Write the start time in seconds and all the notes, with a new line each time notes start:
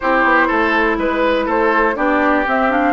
0.00 C4 E4 G4 C5
0.24 B3
0.47 A3 A4
0.97 G#3 B4
1.45 A3 A4 C5
1.95 B3 D4 G4 D5
2.45 C4 E5
2.70 D4 F5